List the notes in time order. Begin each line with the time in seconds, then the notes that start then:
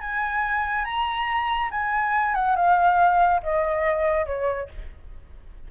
0.00 G#5
0.85 A#5
1.71 G#5
2.34 F#5
2.56 F5
3.43 D#5
4.26 C#5